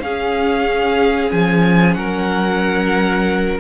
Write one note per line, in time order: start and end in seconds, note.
0.00 1.30 C#4
0.00 3.60 C#4
0.00 1.97 G#4
0.00 1.31 F5
1.31 1.96 F3
1.31 1.94 G#5
1.94 3.59 F#3
1.94 3.60 A#4
1.94 3.57 F#5